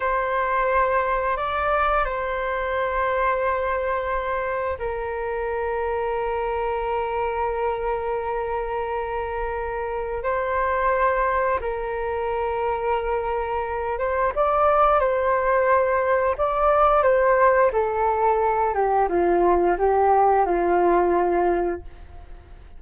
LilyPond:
\new Staff \with { instrumentName = "flute" } { \time 4/4 \tempo 4 = 88 c''2 d''4 c''4~ | c''2. ais'4~ | ais'1~ | ais'2. c''4~ |
c''4 ais'2.~ | ais'8 c''8 d''4 c''2 | d''4 c''4 a'4. g'8 | f'4 g'4 f'2 | }